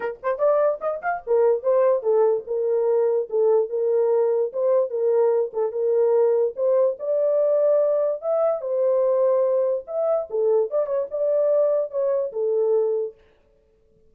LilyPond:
\new Staff \with { instrumentName = "horn" } { \time 4/4 \tempo 4 = 146 ais'8 c''8 d''4 dis''8 f''8 ais'4 | c''4 a'4 ais'2 | a'4 ais'2 c''4 | ais'4. a'8 ais'2 |
c''4 d''2. | e''4 c''2. | e''4 a'4 d''8 cis''8 d''4~ | d''4 cis''4 a'2 | }